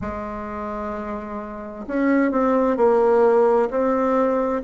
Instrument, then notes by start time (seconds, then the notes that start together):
bassoon
0.01 G#3
1.87 C#4
2.31 C4
2.77 A#3
3.70 C4